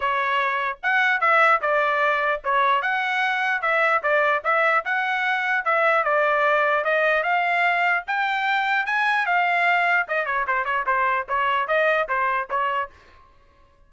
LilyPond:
\new Staff \with { instrumentName = "trumpet" } { \time 4/4 \tempo 4 = 149 cis''2 fis''4 e''4 | d''2 cis''4 fis''4~ | fis''4 e''4 d''4 e''4 | fis''2 e''4 d''4~ |
d''4 dis''4 f''2 | g''2 gis''4 f''4~ | f''4 dis''8 cis''8 c''8 cis''8 c''4 | cis''4 dis''4 c''4 cis''4 | }